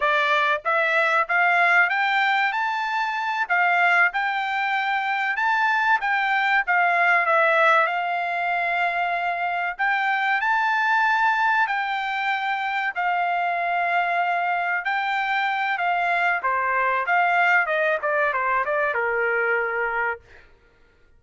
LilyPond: \new Staff \with { instrumentName = "trumpet" } { \time 4/4 \tempo 4 = 95 d''4 e''4 f''4 g''4 | a''4. f''4 g''4.~ | g''8 a''4 g''4 f''4 e''8~ | e''8 f''2. g''8~ |
g''8 a''2 g''4.~ | g''8 f''2. g''8~ | g''4 f''4 c''4 f''4 | dis''8 d''8 c''8 d''8 ais'2 | }